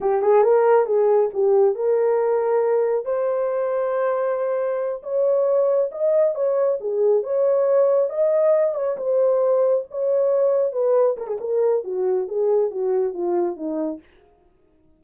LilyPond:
\new Staff \with { instrumentName = "horn" } { \time 4/4 \tempo 4 = 137 g'8 gis'8 ais'4 gis'4 g'4 | ais'2. c''4~ | c''2.~ c''8 cis''8~ | cis''4. dis''4 cis''4 gis'8~ |
gis'8 cis''2 dis''4. | cis''8 c''2 cis''4.~ | cis''8 b'4 ais'16 gis'16 ais'4 fis'4 | gis'4 fis'4 f'4 dis'4 | }